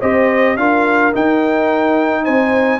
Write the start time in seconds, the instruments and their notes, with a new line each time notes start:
0.00 tuba C4, trombone G4, horn C5, trumpet D#5
0.57 tuba D4, trombone F4, horn A#4, trumpet F5
1.13 trombone D#4, tuba D#4, trumpet G5
2.23 tuba C4, horn C5, trumpet G#5